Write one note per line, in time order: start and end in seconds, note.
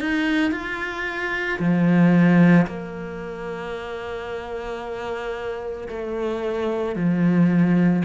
0.00 0.52 D#4
0.52 1.59 F4
1.59 2.66 F3
2.66 5.88 A#3
5.88 6.95 A3
6.95 8.03 F3